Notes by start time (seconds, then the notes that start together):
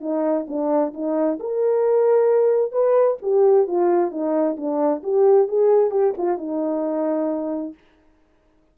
0.00 D#4
0.47 D4
0.93 D#4
1.39 A#4
2.71 B4
3.22 G4
3.67 F4
4.11 D#4
4.56 D4
5.03 G4
5.48 G#4
5.90 G4
6.17 F4
6.37 D#4